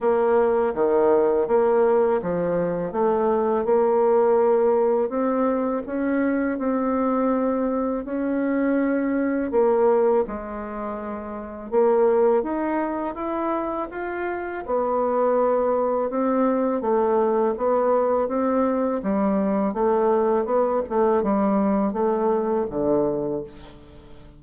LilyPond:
\new Staff \with { instrumentName = "bassoon" } { \time 4/4 \tempo 4 = 82 ais4 dis4 ais4 f4 | a4 ais2 c'4 | cis'4 c'2 cis'4~ | cis'4 ais4 gis2 |
ais4 dis'4 e'4 f'4 | b2 c'4 a4 | b4 c'4 g4 a4 | b8 a8 g4 a4 d4 | }